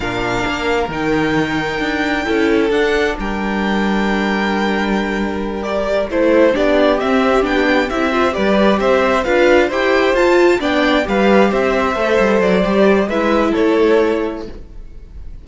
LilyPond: <<
  \new Staff \with { instrumentName = "violin" } { \time 4/4 \tempo 4 = 133 f''2 g''2~ | g''2 fis''4 g''4~ | g''1~ | g''8 d''4 c''4 d''4 e''8~ |
e''8 g''4 e''4 d''4 e''8~ | e''8 f''4 g''4 a''4 g''8~ | g''8 f''4 e''2 d''8~ | d''4 e''4 cis''2 | }
  \new Staff \with { instrumentName = "violin" } { \time 4/4 ais'1~ | ais'4 a'2 ais'4~ | ais'1~ | ais'4. a'4 g'4.~ |
g'2 c''8 b'4 c''8~ | c''8 b'4 c''2 d''8~ | d''8 b'4 c''2~ c''8~ | c''4 b'4 a'2 | }
  \new Staff \with { instrumentName = "viola" } { \time 4/4 d'2 dis'2~ | dis'4 e'4 d'2~ | d'1~ | d'8 g'4 e'4 d'4 c'8~ |
c'8 d'4 e'8 f'8 g'4.~ | g'8 f'4 g'4 f'4 d'8~ | d'8 g'2 a'4. | g'4 e'2. | }
  \new Staff \with { instrumentName = "cello" } { \time 4/4 ais,4 ais4 dis2 | d'4 cis'4 d'4 g4~ | g1~ | g4. a4 b4 c'8~ |
c'8 b4 c'4 g4 c'8~ | c'8 d'4 e'4 f'4 b8~ | b8 g4 c'4 a8 g8 fis8 | g4 gis4 a2 | }
>>